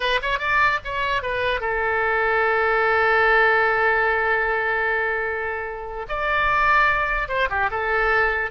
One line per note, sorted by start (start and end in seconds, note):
0.00 0.20 B4
0.21 0.39 C#5
0.39 0.79 D5
0.84 1.22 C#5
1.22 1.60 B4
1.60 6.06 A4
6.08 7.28 D5
7.28 7.48 C5
7.49 7.70 G4
7.70 8.51 A4